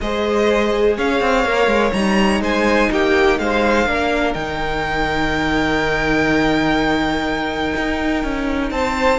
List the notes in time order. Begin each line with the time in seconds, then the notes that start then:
0.01 G#3 G#4 C5 D#5
0.96 C#4 C#5 F5
1.20 C4
1.44 A#3 A#4
1.66 G#3
1.92 G3 D#4 A#5
2.40 G#3 C5 G#5
2.91 A#3 G4 G5
3.39 G#3 C5 F5
3.86 A#3 D4 A#4
4.33 D#3 D#4 G5
7.75 D#4
8.23 C#4
8.71 C4 C5 A5